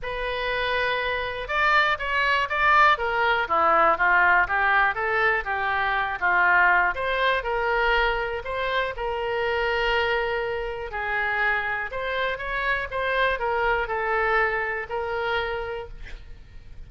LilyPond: \new Staff \with { instrumentName = "oboe" } { \time 4/4 \tempo 4 = 121 b'2. d''4 | cis''4 d''4 ais'4 e'4 | f'4 g'4 a'4 g'4~ | g'8 f'4. c''4 ais'4~ |
ais'4 c''4 ais'2~ | ais'2 gis'2 | c''4 cis''4 c''4 ais'4 | a'2 ais'2 | }